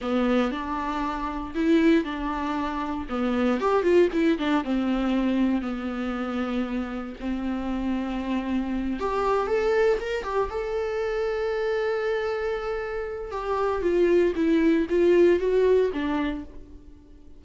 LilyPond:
\new Staff \with { instrumentName = "viola" } { \time 4/4 \tempo 4 = 117 b4 d'2 e'4 | d'2 b4 g'8 f'8 | e'8 d'8 c'2 b4~ | b2 c'2~ |
c'4. g'4 a'4 ais'8 | g'8 a'2.~ a'8~ | a'2 g'4 f'4 | e'4 f'4 fis'4 d'4 | }